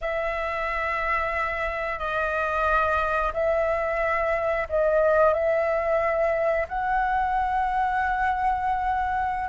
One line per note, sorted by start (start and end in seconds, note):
0.01 1.98 E5
1.98 3.32 D#5
3.33 4.67 E5
4.68 5.33 D#5
5.33 6.67 E5
6.68 9.48 F#5